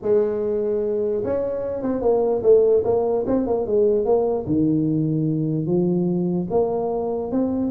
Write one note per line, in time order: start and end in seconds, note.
0.02 1.23 G#3
1.24 1.82 C#4
1.82 2.01 C4
2.01 2.42 A#3
2.42 2.83 A3
2.84 3.25 A#3
3.27 3.46 C4
3.46 3.66 A#3
3.66 4.05 G#3
4.05 4.45 A#3
4.46 5.66 D#3
5.66 6.47 F3
6.50 7.31 A#3
7.31 7.71 C4